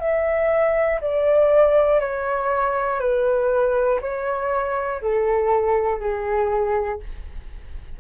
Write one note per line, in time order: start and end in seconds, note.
0.00 1.00 E5
1.01 2.00 D5
2.00 3.00 C#5
3.00 4.00 B4
4.01 5.01 C#5
5.02 6.00 A4
6.00 7.00 G#4